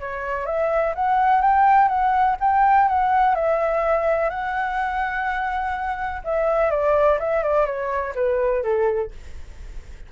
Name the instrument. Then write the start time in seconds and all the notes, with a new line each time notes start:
flute
0.00 C#5
0.46 E5
0.95 F#5
1.41 G5
1.88 F#5
2.40 G5
2.88 F#5
3.35 E5
4.30 F#5
6.24 E5
6.70 D5
7.20 E5
7.43 D5
7.66 C#5
8.15 B4
8.63 A4